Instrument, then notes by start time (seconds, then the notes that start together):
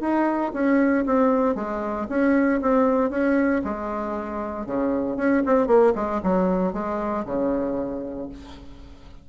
bassoon
0.00 D#4
0.53 C#4
1.06 C4
1.55 G#3
2.09 C#4
2.61 C4
3.10 C#4
3.64 G#3
4.66 C#3
5.17 C#4
5.46 C4
5.67 A#3
5.95 G#3
6.23 F#3
6.73 G#3
7.26 C#3